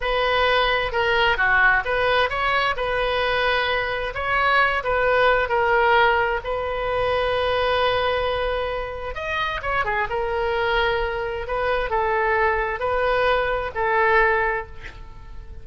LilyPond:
\new Staff \with { instrumentName = "oboe" } { \time 4/4 \tempo 4 = 131 b'2 ais'4 fis'4 | b'4 cis''4 b'2~ | b'4 cis''4. b'4. | ais'2 b'2~ |
b'1 | dis''4 cis''8 gis'8 ais'2~ | ais'4 b'4 a'2 | b'2 a'2 | }